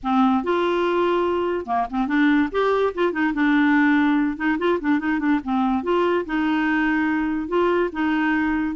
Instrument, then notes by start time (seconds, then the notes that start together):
clarinet
0.03 C4
0.43 F4
1.66 A#3
1.90 C4
2.07 D4
2.51 G4
2.94 F4
3.12 D#4
3.33 D4
4.37 D#4
4.58 F4
4.80 D4
4.99 D#4
5.19 D4
5.43 C4
5.83 F4
6.25 D#4
7.48 F4
7.92 D#4